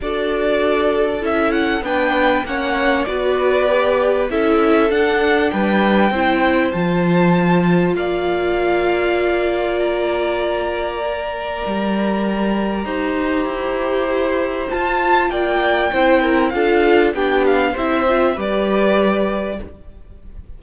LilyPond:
<<
  \new Staff \with { instrumentName = "violin" } { \time 4/4 \tempo 4 = 98 d''2 e''8 fis''8 g''4 | fis''4 d''2 e''4 | fis''4 g''2 a''4~ | a''4 f''2. |
ais''1~ | ais''1 | a''4 g''2 f''4 | g''8 f''8 e''4 d''2 | }
  \new Staff \with { instrumentName = "violin" } { \time 4/4 a'2. b'4 | cis''4 b'2 a'4~ | a'4 b'4 c''2~ | c''4 d''2.~ |
d''1~ | d''4 c''2.~ | c''4 d''4 c''8 ais'8 a'4 | g'4 c''4 b'2 | }
  \new Staff \with { instrumentName = "viola" } { \time 4/4 fis'2 e'4 d'4 | cis'4 fis'4 g'4 e'4 | d'2 e'4 f'4~ | f'1~ |
f'2 ais'2~ | ais'4 g'2. | f'2 e'4 f'4 | d'4 e'8 f'8 g'2 | }
  \new Staff \with { instrumentName = "cello" } { \time 4/4 d'2 cis'4 b4 | ais4 b2 cis'4 | d'4 g4 c'4 f4~ | f4 ais2.~ |
ais2. g4~ | g4 dis'4 e'2 | f'4 ais4 c'4 d'4 | b4 c'4 g2 | }
>>